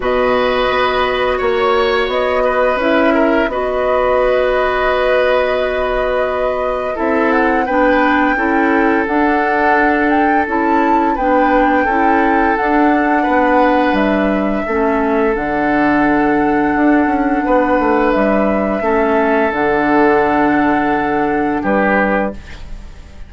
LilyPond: <<
  \new Staff \with { instrumentName = "flute" } { \time 4/4 \tempo 4 = 86 dis''2 cis''4 dis''4 | e''4 dis''2.~ | dis''2 e''8 fis''8 g''4~ | g''4 fis''4. g''8 a''4 |
g''2 fis''2 | e''2 fis''2~ | fis''2 e''2 | fis''2. b'4 | }
  \new Staff \with { instrumentName = "oboe" } { \time 4/4 b'2 cis''4. b'8~ | b'8 ais'8 b'2.~ | b'2 a'4 b'4 | a'1 |
b'4 a'2 b'4~ | b'4 a'2.~ | a'4 b'2 a'4~ | a'2. g'4 | }
  \new Staff \with { instrumentName = "clarinet" } { \time 4/4 fis'1 | e'4 fis'2.~ | fis'2 e'4 d'4 | e'4 d'2 e'4 |
d'4 e'4 d'2~ | d'4 cis'4 d'2~ | d'2. cis'4 | d'1 | }
  \new Staff \with { instrumentName = "bassoon" } { \time 4/4 b,4 b4 ais4 b4 | cis'4 b2.~ | b2 c'4 b4 | cis'4 d'2 cis'4 |
b4 cis'4 d'4 b4 | g4 a4 d2 | d'8 cis'8 b8 a8 g4 a4 | d2. g4 | }
>>